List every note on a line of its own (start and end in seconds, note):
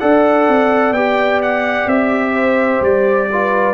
0.00 0.48 D4
0.00 0.95 A4
0.00 2.34 D5
0.00 0.94 F#5
0.48 0.91 C4
0.91 1.85 B3
0.91 3.30 G4
0.91 1.40 G5
1.42 1.89 F#5
1.87 2.80 C4
1.87 2.82 E5
2.34 3.27 C5
2.81 3.74 G3
2.81 3.74 D5
3.32 3.74 F4
3.32 3.74 B4